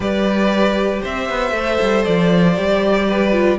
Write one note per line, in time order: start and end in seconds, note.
0.00 1.00 G3
0.00 1.54 G4
0.00 1.02 B4
0.00 1.03 D5
1.02 1.29 C4
1.02 3.07 C5
1.02 2.04 E5
1.29 1.51 B3
1.51 1.77 A3
1.51 2.57 A4
1.81 2.06 G3
2.04 2.58 F3
2.04 3.58 D5
2.57 3.58 G3
2.57 3.32 G4
3.07 3.58 B4
3.32 3.58 F4